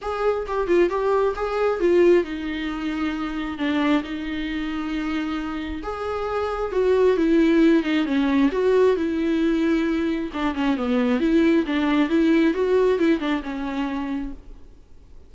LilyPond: \new Staff \with { instrumentName = "viola" } { \time 4/4 \tempo 4 = 134 gis'4 g'8 f'8 g'4 gis'4 | f'4 dis'2. | d'4 dis'2.~ | dis'4 gis'2 fis'4 |
e'4. dis'8 cis'4 fis'4 | e'2. d'8 cis'8 | b4 e'4 d'4 e'4 | fis'4 e'8 d'8 cis'2 | }